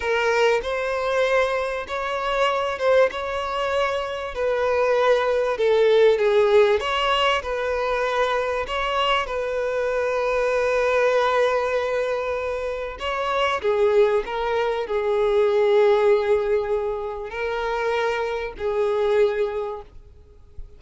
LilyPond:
\new Staff \with { instrumentName = "violin" } { \time 4/4 \tempo 4 = 97 ais'4 c''2 cis''4~ | cis''8 c''8 cis''2 b'4~ | b'4 a'4 gis'4 cis''4 | b'2 cis''4 b'4~ |
b'1~ | b'4 cis''4 gis'4 ais'4 | gis'1 | ais'2 gis'2 | }